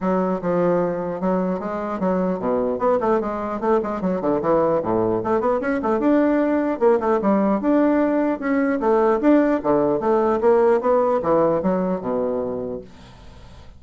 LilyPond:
\new Staff \with { instrumentName = "bassoon" } { \time 4/4 \tempo 4 = 150 fis4 f2 fis4 | gis4 fis4 b,4 b8 a8 | gis4 a8 gis8 fis8 d8 e4 | a,4 a8 b8 cis'8 a8 d'4~ |
d'4 ais8 a8 g4 d'4~ | d'4 cis'4 a4 d'4 | d4 a4 ais4 b4 | e4 fis4 b,2 | }